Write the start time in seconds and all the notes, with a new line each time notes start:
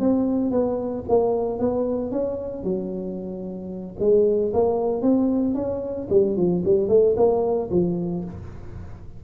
0.00 C4
0.51 B3
1.08 A#3
1.59 B3
2.12 C#4
2.64 F#3
3.99 G#3
4.53 A#3
5.02 C4
5.55 C#4
6.10 G3
6.37 F3
6.65 G3
6.89 A3
7.17 A#3
7.71 F3